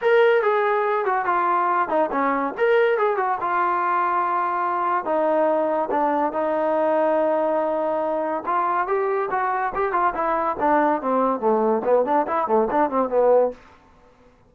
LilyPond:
\new Staff \with { instrumentName = "trombone" } { \time 4/4 \tempo 4 = 142 ais'4 gis'4. fis'8 f'4~ | f'8 dis'8 cis'4 ais'4 gis'8 fis'8 | f'1 | dis'2 d'4 dis'4~ |
dis'1 | f'4 g'4 fis'4 g'8 f'8 | e'4 d'4 c'4 a4 | b8 d'8 e'8 a8 d'8 c'8 b4 | }